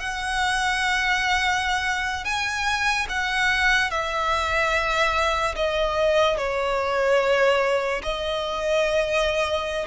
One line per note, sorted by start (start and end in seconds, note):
0.00 2.25 F#5
2.25 3.07 G#5
3.09 3.91 F#5
3.91 5.56 E5
5.56 6.38 D#5
6.38 8.02 C#5
8.03 9.87 D#5